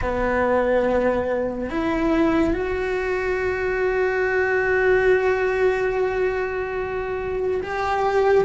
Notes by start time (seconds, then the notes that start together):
0.01 B3
1.70 E4
2.53 F#4
7.62 G4